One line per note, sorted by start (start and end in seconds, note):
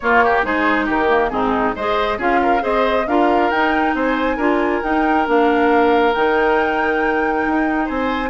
0.00 0.44 A#3
0.00 0.43 A#3
0.00 0.24 F4
0.00 0.43 C#5
0.24 0.45 G4
0.43 0.88 G#3
0.43 1.08 D#4
0.43 0.85 G#4
0.43 0.87 C5
0.85 1.31 D#3
0.85 1.29 G4
0.85 1.29 A#4
1.08 1.30 A#3
1.29 1.75 G#2
1.29 1.74 C4
1.29 1.75 D#4
1.29 1.72 G#4
1.75 2.18 G#3
1.75 2.19 G#4
1.75 2.18 C5
1.75 2.19 D#5
2.18 2.62 C#4
2.18 2.60 F4
2.18 2.40 G#4
2.18 2.64 F5
2.42 2.62 A#4
2.60 3.07 C4
2.60 3.04 G#4
2.60 3.06 C5
2.60 3.07 D#5
3.07 3.50 D4
3.07 3.52 F4
3.07 3.95 A#4
3.07 3.50 F5
3.50 3.94 D#4
3.50 4.39 D#4
3.50 3.94 G5
3.94 4.37 C4
3.94 4.36 C5
3.94 4.83 G#5
4.36 4.81 D4
4.36 4.82 F4
4.36 7.85 A#4
4.83 5.27 D#4
4.83 5.26 D#4
4.83 5.27 G5
5.26 6.15 A#3
5.26 6.13 D4
5.26 6.14 F5
6.14 7.46 D#3
6.14 8.30 D#4
6.14 7.88 G5
7.46 7.89 D#4
7.85 8.30 C4
7.85 8.29 C5
7.85 8.30 G#5